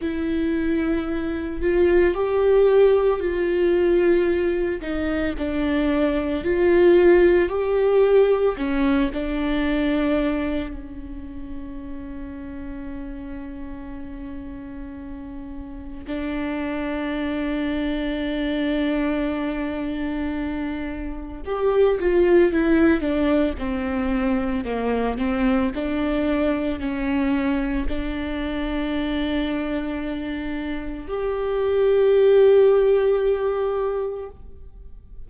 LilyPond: \new Staff \with { instrumentName = "viola" } { \time 4/4 \tempo 4 = 56 e'4. f'8 g'4 f'4~ | f'8 dis'8 d'4 f'4 g'4 | cis'8 d'4. cis'2~ | cis'2. d'4~ |
d'1 | g'8 f'8 e'8 d'8 c'4 ais8 c'8 | d'4 cis'4 d'2~ | d'4 g'2. | }